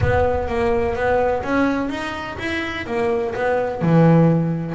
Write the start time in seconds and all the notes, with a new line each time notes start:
0.00 B3
0.48 A#3
0.95 B3
1.43 C#4
1.89 D#4
2.39 E4
2.86 A#3
3.34 B3
3.81 E3